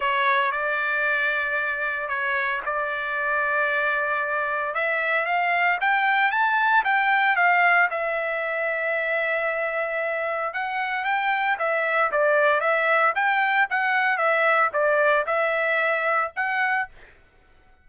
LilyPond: \new Staff \with { instrumentName = "trumpet" } { \time 4/4 \tempo 4 = 114 cis''4 d''2. | cis''4 d''2.~ | d''4 e''4 f''4 g''4 | a''4 g''4 f''4 e''4~ |
e''1 | fis''4 g''4 e''4 d''4 | e''4 g''4 fis''4 e''4 | d''4 e''2 fis''4 | }